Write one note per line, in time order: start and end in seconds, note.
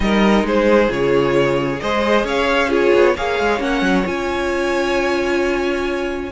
0.00 0.43 G3
0.00 0.88 D#4
0.00 0.46 A#4
0.00 0.45 D#5
0.43 0.88 G#3
0.43 1.81 G#4
0.43 0.91 C5
0.88 1.79 C#3
0.88 1.79 F4
0.88 1.80 C#5
1.80 2.23 G#3
1.80 2.69 G#4
1.80 2.25 C5
1.80 2.25 D#5
2.23 2.91 C#4
2.23 2.68 C#5
2.23 2.72 F5
2.68 3.14 F4
2.68 3.13 G#4
2.68 3.16 C#5
2.94 3.16 B3
3.15 3.39 A#3
3.15 3.59 G#4
3.15 6.30 C#5
3.15 3.61 F5
3.39 3.59 G#3
3.59 3.81 A#3
3.59 4.04 C#4
3.59 4.06 F#5
3.81 4.04 F#3
4.04 6.31 C#4
4.04 6.30 F4
4.04 6.32 G#5